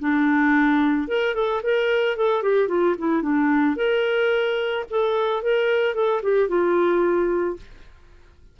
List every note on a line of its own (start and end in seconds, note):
0.00 1.08 D4
1.08 1.35 A#4
1.35 1.62 A4
1.63 2.17 A#4
2.17 2.43 A4
2.43 2.69 G4
2.69 2.96 F4
2.98 3.22 E4
3.22 3.76 D4
3.76 4.85 A#4
4.90 5.43 A4
5.43 5.95 A#4
5.95 6.22 A4
6.23 6.49 G4
6.49 7.57 F4